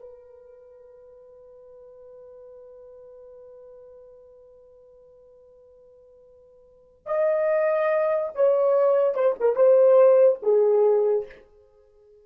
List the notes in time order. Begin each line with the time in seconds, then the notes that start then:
0.00 B4
7.06 D#5
8.35 C#5
9.15 C5
9.40 A#4
9.56 C5
10.43 G#4